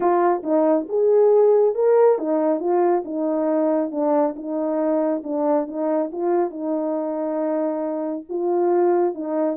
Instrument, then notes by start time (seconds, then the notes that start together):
horn
0.00 F4
0.43 D#4
0.88 G#4
1.74 A#4
2.18 D#4
2.59 F4
3.04 D#4
3.91 D4
4.36 D#4
5.23 D4
5.67 D#4
6.11 F4
6.50 D#4
8.29 F4
9.14 D#4